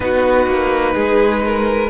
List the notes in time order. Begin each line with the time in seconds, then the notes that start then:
0.00 B3 D#4 F#4 B4
0.46 A#3
0.93 G#3 G#4
1.44 A#4